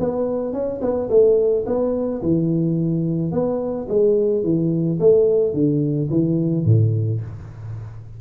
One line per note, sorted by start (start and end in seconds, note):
0.00 0.53 B3
0.53 0.81 C#4
0.82 1.09 B3
1.10 1.65 A3
1.66 2.22 B3
2.22 3.32 E3
3.32 3.87 B3
3.88 4.43 G#3
4.43 4.99 E3
5.00 5.54 A3
5.54 6.09 D3
6.10 6.65 E3
6.65 7.21 A2